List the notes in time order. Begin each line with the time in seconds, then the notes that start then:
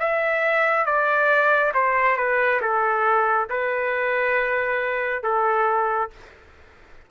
0.00 E5
0.86 D5
1.74 C5
2.17 B4
2.61 A4
3.50 B4
5.23 A4